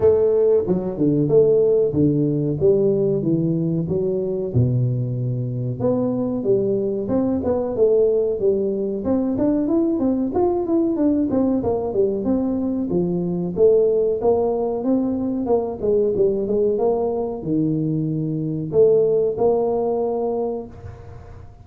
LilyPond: \new Staff \with { instrumentName = "tuba" } { \time 4/4 \tempo 4 = 93 a4 fis8 d8 a4 d4 | g4 e4 fis4 b,4~ | b,4 b4 g4 c'8 b8 | a4 g4 c'8 d'8 e'8 c'8 |
f'8 e'8 d'8 c'8 ais8 g8 c'4 | f4 a4 ais4 c'4 | ais8 gis8 g8 gis8 ais4 dis4~ | dis4 a4 ais2 | }